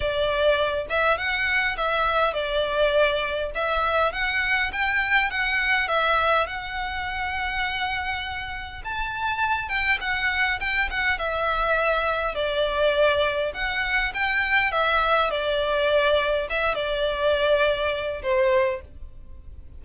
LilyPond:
\new Staff \with { instrumentName = "violin" } { \time 4/4 \tempo 4 = 102 d''4. e''8 fis''4 e''4 | d''2 e''4 fis''4 | g''4 fis''4 e''4 fis''4~ | fis''2. a''4~ |
a''8 g''8 fis''4 g''8 fis''8 e''4~ | e''4 d''2 fis''4 | g''4 e''4 d''2 | e''8 d''2~ d''8 c''4 | }